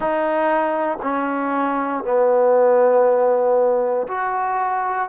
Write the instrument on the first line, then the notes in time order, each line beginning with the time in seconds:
trombone
0.00 D#4
1.02 C#4
2.03 B3
4.07 F#4